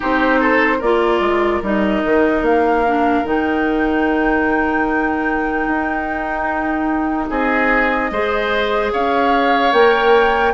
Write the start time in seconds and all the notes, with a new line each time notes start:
0.00 C4 D#4 G4 C5
0.40 A4
0.78 A#3 F4 A#4 D5
1.19 G#3
1.62 G3 D#4 D#5
2.04 D#3
2.41 A#3 F5
2.86 D4
3.24 D#3 D#4 G5
5.66 D#4
7.29 C4 G#4 D#5
8.10 G#3 G#4 C5
8.92 C#4 C#5 F5
9.72 A#3 A#4 G5